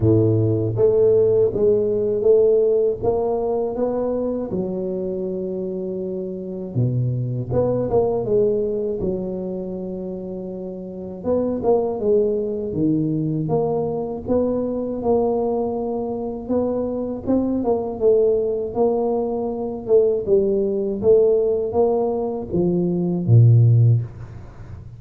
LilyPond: \new Staff \with { instrumentName = "tuba" } { \time 4/4 \tempo 4 = 80 a,4 a4 gis4 a4 | ais4 b4 fis2~ | fis4 b,4 b8 ais8 gis4 | fis2. b8 ais8 |
gis4 dis4 ais4 b4 | ais2 b4 c'8 ais8 | a4 ais4. a8 g4 | a4 ais4 f4 ais,4 | }